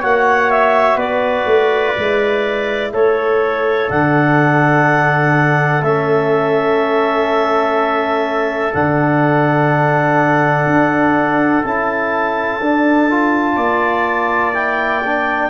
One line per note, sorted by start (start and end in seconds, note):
0.00 0.96 A#3
0.00 1.95 F#4
0.00 0.96 C#5
0.00 0.50 F#5
0.50 0.98 E5
0.96 1.44 B3
0.96 2.90 B4
0.96 2.92 D5
1.46 1.94 A3
1.95 2.93 G#3
1.95 3.88 E4
2.93 3.90 A3
2.93 13.55 A4
2.93 3.90 C#5
3.88 5.82 D3
3.88 5.82 D4
3.88 5.82 F#5
5.82 8.72 A3
5.82 8.73 C#4
5.82 8.73 E5
8.73 10.66 D3
8.73 11.63 D4
8.73 11.64 F#5
10.66 11.63 D4
11.64 12.60 C#4
11.64 12.61 E4
11.64 14.53 A5
12.60 13.56 D4
12.60 13.10 D4
13.10 14.54 F4
13.55 15.49 A#3
13.55 15.49 D5
14.53 15.02 E4
14.53 15.49 G5
15.05 15.49 D4